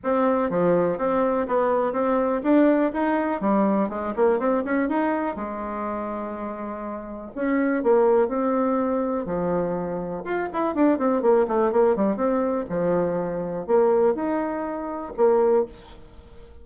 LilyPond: \new Staff \with { instrumentName = "bassoon" } { \time 4/4 \tempo 4 = 123 c'4 f4 c'4 b4 | c'4 d'4 dis'4 g4 | gis8 ais8 c'8 cis'8 dis'4 gis4~ | gis2. cis'4 |
ais4 c'2 f4~ | f4 f'8 e'8 d'8 c'8 ais8 a8 | ais8 g8 c'4 f2 | ais4 dis'2 ais4 | }